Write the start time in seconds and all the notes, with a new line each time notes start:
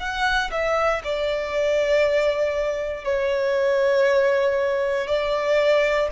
0.00 F#5
0.52 E5
1.04 D5
3.05 C#5
5.08 D5